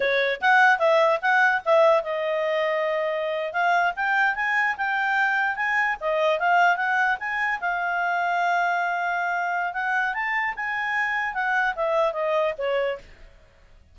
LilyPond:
\new Staff \with { instrumentName = "clarinet" } { \time 4/4 \tempo 4 = 148 cis''4 fis''4 e''4 fis''4 | e''4 dis''2.~ | dis''8. f''4 g''4 gis''4 g''16~ | g''4.~ g''16 gis''4 dis''4 f''16~ |
f''8. fis''4 gis''4 f''4~ f''16~ | f''1 | fis''4 a''4 gis''2 | fis''4 e''4 dis''4 cis''4 | }